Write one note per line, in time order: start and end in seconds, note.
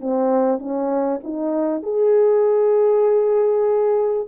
0.00 0.58 C4
0.58 1.20 C#4
1.23 1.83 D#4
1.83 4.27 G#4